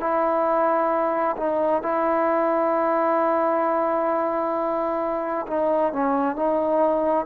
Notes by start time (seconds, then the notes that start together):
0.00 E4
1.37 D#4
1.83 E4
5.48 D#4
5.93 C#4
6.36 D#4